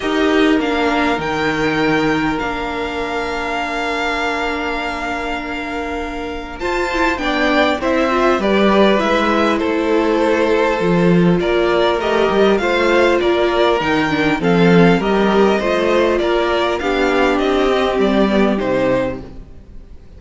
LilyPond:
<<
  \new Staff \with { instrumentName = "violin" } { \time 4/4 \tempo 4 = 100 dis''4 f''4 g''2 | f''1~ | f''2. a''4 | g''4 e''4 d''4 e''4 |
c''2. d''4 | dis''4 f''4 d''4 g''4 | f''4 dis''2 d''4 | f''4 dis''4 d''4 c''4 | }
  \new Staff \with { instrumentName = "violin" } { \time 4/4 ais'1~ | ais'1~ | ais'2. c''4 | d''4 c''4 b'2 |
a'2. ais'4~ | ais'4 c''4 ais'2 | a'4 ais'4 c''4 ais'4 | g'1 | }
  \new Staff \with { instrumentName = "viola" } { \time 4/4 g'4 d'4 dis'2 | d'1~ | d'2. f'8 e'8 | d'4 e'8 f'8 g'4 e'4~ |
e'2 f'2 | g'4 f'2 dis'8 d'8 | c'4 g'4 f'2 | d'4. c'4 b8 dis'4 | }
  \new Staff \with { instrumentName = "cello" } { \time 4/4 dis'4 ais4 dis2 | ais1~ | ais2. f'4 | b4 c'4 g4 gis4 |
a2 f4 ais4 | a8 g8 a4 ais4 dis4 | f4 g4 a4 ais4 | b4 c'4 g4 c4 | }
>>